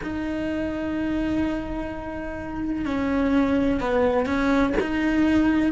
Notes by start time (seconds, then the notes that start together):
0.03 D#4
2.85 C#4
3.80 B3
4.26 C#4
4.80 D#4